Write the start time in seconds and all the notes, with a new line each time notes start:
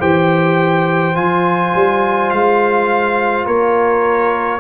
0.00 E3 G4 C5 G5
1.15 F3 F4 G#5
1.75 G3
2.31 G#3 F5
3.45 A#3 A#4 C#5